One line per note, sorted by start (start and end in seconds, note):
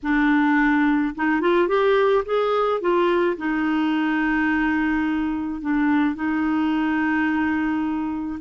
0.02 1.14 D4
1.15 1.40 D#4
1.40 1.68 F4
1.68 2.24 G4
2.25 2.80 G#4
2.80 3.36 F4
3.37 5.61 D#4
5.61 6.15 D4
6.15 8.39 D#4